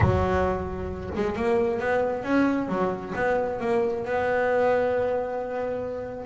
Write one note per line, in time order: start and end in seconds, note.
0.00 1.10 F#3
1.15 1.36 G#3
1.36 1.79 A#3
1.79 2.23 B3
2.23 2.68 C#4
2.68 3.13 F#3
3.15 3.60 B3
3.60 4.04 A#3
4.05 6.25 B3